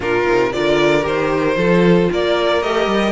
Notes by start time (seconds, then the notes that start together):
0.00 A#2 D4 F4 A#4
0.24 C3 D#4
0.52 D3 F4 A#4 D5
1.01 D#3 G4 C5
1.56 F3 F4 A4
2.12 A#3 A#4 D5
2.62 A3 G4 D#5
2.86 G3